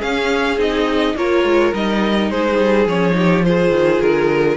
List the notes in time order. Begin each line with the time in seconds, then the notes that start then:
0.00 C#4 G#4 F5
0.58 C4 D#4 D#5
1.16 A#3 F4 A#4 C#5
1.44 G#3
1.73 G3 D#4 D#5
2.30 G#3 G#4 C5
2.58 G3
2.86 F3 C#4 C#5
3.12 D#4 G4
3.45 F4 G#4 C5
3.71 D#3
4.02 D3 A#4